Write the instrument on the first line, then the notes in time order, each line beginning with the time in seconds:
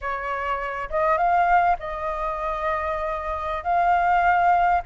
flute
0.01 C#5
0.90 D#5
1.17 F5
1.79 D#5
3.63 F5